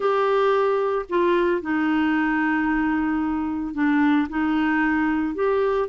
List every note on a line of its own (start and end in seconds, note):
0.00 1.05 G4
1.09 1.61 F4
1.61 3.74 D#4
3.74 4.27 D4
4.29 5.34 D#4
5.34 5.88 G4